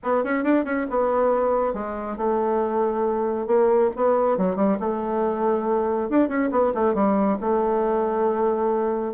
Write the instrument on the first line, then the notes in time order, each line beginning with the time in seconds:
bassoon
0.03 B3
0.24 C#4
0.43 D4
0.64 C#4
0.90 B3
1.73 G#3
2.17 A3
3.47 A#3
3.95 B3
4.37 F#3
4.56 G3
4.79 A3
6.09 D4
6.28 C#4
6.51 B3
6.74 A3
6.94 G3
7.40 A3